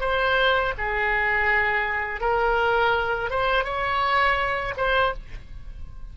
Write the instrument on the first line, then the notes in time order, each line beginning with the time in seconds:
oboe
0.00 C5
0.78 G#4
2.21 A#4
3.30 C5
3.65 C#5
4.77 C5